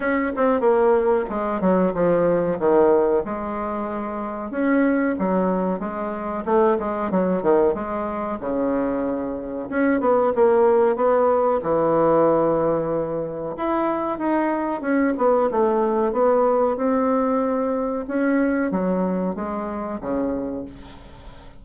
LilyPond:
\new Staff \with { instrumentName = "bassoon" } { \time 4/4 \tempo 4 = 93 cis'8 c'8 ais4 gis8 fis8 f4 | dis4 gis2 cis'4 | fis4 gis4 a8 gis8 fis8 dis8 | gis4 cis2 cis'8 b8 |
ais4 b4 e2~ | e4 e'4 dis'4 cis'8 b8 | a4 b4 c'2 | cis'4 fis4 gis4 cis4 | }